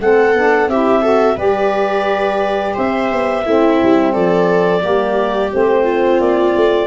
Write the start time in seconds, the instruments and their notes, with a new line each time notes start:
0.00 tuba A3, saxophone C4, viola A4, clarinet F#5
0.33 tuba B3, saxophone D4
0.67 tuba C4, saxophone E4, viola G4, clarinet E5
1.01 saxophone F#4, viola A4
1.35 tuba G3, saxophone G4, viola B4, clarinet D5
2.74 tuba C4, viola C5, clarinet E5
3.11 tuba B3
3.45 tuba A3, saxophone C4, viola E4
3.82 tuba G3
4.12 tuba F3, viola A4, clarinet D5
4.80 tuba G3, saxophone A#3, viola G4
5.51 tuba A3, saxophone C4, clarinet C5
5.83 viola F4
6.19 tuba A#3, clarinet D5
6.56 tuba A3